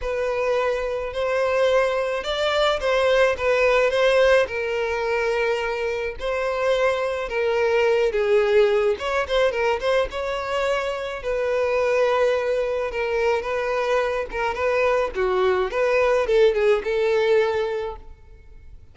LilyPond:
\new Staff \with { instrumentName = "violin" } { \time 4/4 \tempo 4 = 107 b'2 c''2 | d''4 c''4 b'4 c''4 | ais'2. c''4~ | c''4 ais'4. gis'4. |
cis''8 c''8 ais'8 c''8 cis''2 | b'2. ais'4 | b'4. ais'8 b'4 fis'4 | b'4 a'8 gis'8 a'2 | }